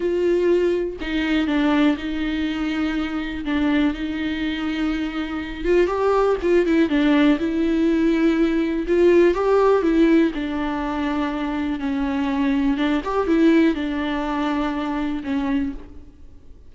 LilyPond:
\new Staff \with { instrumentName = "viola" } { \time 4/4 \tempo 4 = 122 f'2 dis'4 d'4 | dis'2. d'4 | dis'2.~ dis'8 f'8 | g'4 f'8 e'8 d'4 e'4~ |
e'2 f'4 g'4 | e'4 d'2. | cis'2 d'8 g'8 e'4 | d'2. cis'4 | }